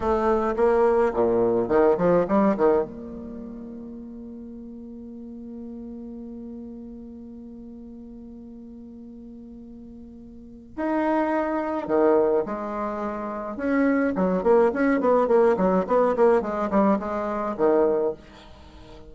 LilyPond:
\new Staff \with { instrumentName = "bassoon" } { \time 4/4 \tempo 4 = 106 a4 ais4 ais,4 dis8 f8 | g8 dis8 ais2.~ | ais1~ | ais1~ |
ais2. dis'4~ | dis'4 dis4 gis2 | cis'4 fis8 ais8 cis'8 b8 ais8 fis8 | b8 ais8 gis8 g8 gis4 dis4 | }